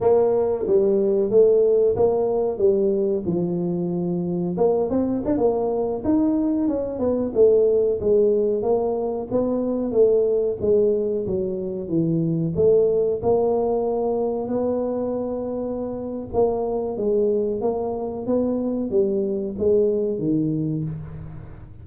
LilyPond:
\new Staff \with { instrumentName = "tuba" } { \time 4/4 \tempo 4 = 92 ais4 g4 a4 ais4 | g4 f2 ais8 c'8 | d'16 ais4 dis'4 cis'8 b8 a8.~ | a16 gis4 ais4 b4 a8.~ |
a16 gis4 fis4 e4 a8.~ | a16 ais2 b4.~ b16~ | b4 ais4 gis4 ais4 | b4 g4 gis4 dis4 | }